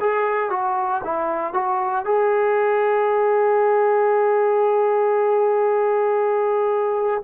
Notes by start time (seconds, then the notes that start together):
0.00 G#4
0.50 F#4
1.03 E4
1.53 F#4
2.05 G#4